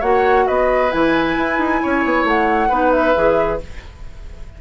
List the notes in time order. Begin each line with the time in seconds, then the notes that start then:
0.00 A#3 F#4 C#5 F#5
0.47 B3 B4 D#5
0.91 E3 E4 G#5
1.37 E4
1.58 D#4
1.82 C#4 C#5
2.05 B3
2.24 A3 F#5
2.69 B3 D#4 B4
2.91 E5
3.15 E3 G#4